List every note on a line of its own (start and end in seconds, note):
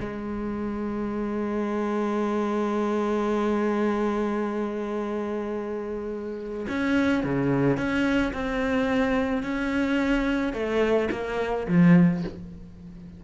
0.00 6.67 G#3
6.68 7.24 C#4
7.24 7.77 C#3
7.77 8.33 C#4
8.33 9.43 C4
9.43 10.53 C#4
10.53 11.09 A3
11.11 11.67 A#3
11.68 12.23 F3